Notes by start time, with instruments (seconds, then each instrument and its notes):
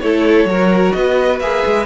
0.00 cello A3, viola E4, violin A4 C#5
0.45 cello F#3, viola F#4, violin A#4
0.92 cello B3, violin B4 D#5
1.40 cello A#3, viola G#4, violin E5
1.66 cello G#3